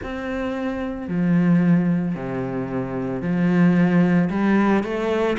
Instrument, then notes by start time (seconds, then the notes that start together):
cello
0.02 C4
1.08 F3
2.15 C3
3.21 F3
4.30 G3
4.83 A3